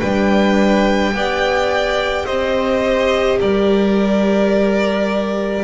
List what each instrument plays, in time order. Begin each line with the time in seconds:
0.00 double bass G3, viola D4, violin B4 G5
1.13 double bass B3, viola G4, violin D5
2.25 double bass C4, violin C5 D#5
3.41 double bass G3, violin A#4 D5